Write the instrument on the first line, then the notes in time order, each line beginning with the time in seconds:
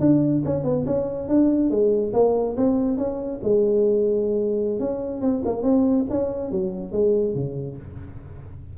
tuba
0.00 D4
0.45 C#4
0.64 B3
0.86 C#4
1.28 D4
1.70 G#3
2.13 A#3
2.57 C4
2.97 C#4
3.43 G#3
4.80 C#4
5.21 C4
5.45 A#3
5.63 C4
6.10 C#4
6.51 F#3
6.92 G#3
7.34 C#3